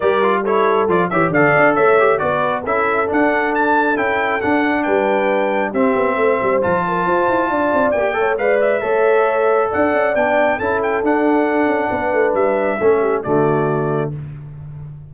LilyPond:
<<
  \new Staff \with { instrumentName = "trumpet" } { \time 4/4 \tempo 4 = 136 d''4 cis''4 d''8 e''8 f''4 | e''4 d''4 e''4 fis''4 | a''4 g''4 fis''4 g''4~ | g''4 e''2 a''4~ |
a''2 g''4 f''8 e''8~ | e''2 fis''4 g''4 | a''8 g''8 fis''2. | e''2 d''2 | }
  \new Staff \with { instrumentName = "horn" } { \time 4/4 ais'4 a'4. cis''8 d''4 | cis''4 b'4 a'2~ | a'2. b'4~ | b'4 g'4 c''4. ais'8 |
c''4 d''4. cis''8 d''4 | cis''2 d''2 | a'2. b'4~ | b'4 a'8 g'8 fis'2 | }
  \new Staff \with { instrumentName = "trombone" } { \time 4/4 g'8 f'8 e'4 f'8 g'8 a'4~ | a'8 g'8 fis'4 e'4 d'4~ | d'4 e'4 d'2~ | d'4 c'2 f'4~ |
f'2 g'8 a'8 b'4 | a'2. d'4 | e'4 d'2.~ | d'4 cis'4 a2 | }
  \new Staff \with { instrumentName = "tuba" } { \time 4/4 g2 f8 e8 d8 d'8 | a4 b4 cis'4 d'4~ | d'4 cis'4 d'4 g4~ | g4 c'8 b8 a8 g8 f4 |
f'8 e'8 d'8 c'8 ais8 a8 gis4 | a2 d'8 cis'8 b4 | cis'4 d'4. cis'8 b8 a8 | g4 a4 d2 | }
>>